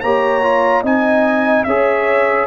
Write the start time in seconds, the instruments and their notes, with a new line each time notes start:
0.00 tuba A#3, trombone G4, horn C#5, trumpet A#5
0.42 trombone F4
0.82 tuba C4, trombone D#4, horn D#5, trumpet G#5
1.63 tuba C#4, trombone G#4, horn C#5, trumpet E5